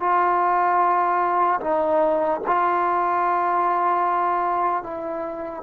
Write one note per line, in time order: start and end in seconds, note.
0.00 1.60 F4
1.60 2.40 D#4
2.47 4.83 F4
4.83 5.63 E4